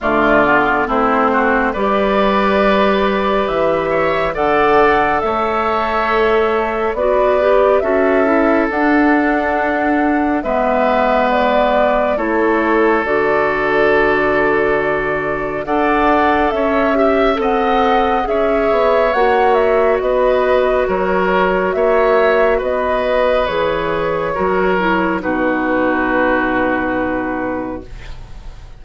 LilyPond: <<
  \new Staff \with { instrumentName = "flute" } { \time 4/4 \tempo 4 = 69 d''4 c''4 d''2 | e''4 fis''4 e''2 | d''4 e''4 fis''2 | e''4 d''4 cis''4 d''4~ |
d''2 fis''4 e''4 | fis''4 e''4 fis''8 e''8 dis''4 | cis''4 e''4 dis''4 cis''4~ | cis''4 b'2. | }
  \new Staff \with { instrumentName = "oboe" } { \time 4/4 f'4 e'8 fis'8 b'2~ | b'8 cis''8 d''4 cis''2 | b'4 a'2. | b'2 a'2~ |
a'2 d''4 cis''8 e''8 | dis''4 cis''2 b'4 | ais'4 cis''4 b'2 | ais'4 fis'2. | }
  \new Staff \with { instrumentName = "clarinet" } { \time 4/4 a8 b8 c'4 g'2~ | g'4 a'2. | fis'8 g'8 fis'8 e'8 d'2 | b2 e'4 fis'4~ |
fis'2 a'4. g'8 | a'4 gis'4 fis'2~ | fis'2. gis'4 | fis'8 e'8 dis'2. | }
  \new Staff \with { instrumentName = "bassoon" } { \time 4/4 d4 a4 g2 | e4 d4 a2 | b4 cis'4 d'2 | gis2 a4 d4~ |
d2 d'4 cis'4 | c'4 cis'8 b8 ais4 b4 | fis4 ais4 b4 e4 | fis4 b,2. | }
>>